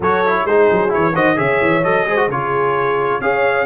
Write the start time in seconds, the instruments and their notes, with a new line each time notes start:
0.00 tuba F#3, trombone F#4, horn A4, trumpet C#5
0.26 trombone E4
0.44 tuba G#3, trombone D#4, horn G#4, trumpet C5
0.71 tuba F#3
0.89 tuba E3, trombone E4, trumpet C#5
1.13 tuba D#3, trombone F#4, horn C5, trumpet D#5
1.35 tuba C#3, trombone G#4, horn C#5, trumpet E5
1.61 tuba E3
1.83 tuba F#3, trombone A4, trumpet D#5
2.06 tuba G#3, trombone G#4, horn C5
2.16 trombone F#4
2.28 tuba C#3, trombone F4, horn G#4, trumpet C#5
3.20 tuba C#4, trombone G#4, horn C#5, trumpet F5